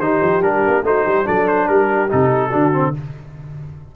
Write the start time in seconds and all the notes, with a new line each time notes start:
0.00 D#3 D#4 G4 C5
0.22 F3
0.42 G3 D4 A#4
0.68 A#3
0.84 A3 D#4 F#4 C5
1.06 G3 G4
1.25 F#3 D4 A4 D5
1.48 C5
1.68 G3 G4 A#4
2.09 C3 D#4 A4
2.50 D3 D4 F#4
2.73 C4